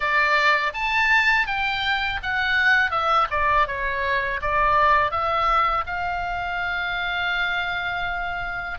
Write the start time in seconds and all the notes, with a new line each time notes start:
0.00 D5
0.73 A5
1.46 G5
2.22 F#5
2.91 E5
3.30 D5
3.67 C#5
4.41 D5
5.11 E5
5.86 F5